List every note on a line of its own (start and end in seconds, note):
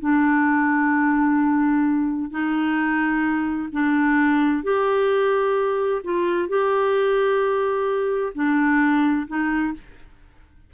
0.00 2.31 D4
2.31 3.69 D#4
3.73 4.64 D4
4.64 6.02 G4
6.04 6.49 F4
6.49 8.33 G4
8.35 9.27 D4
9.28 9.74 D#4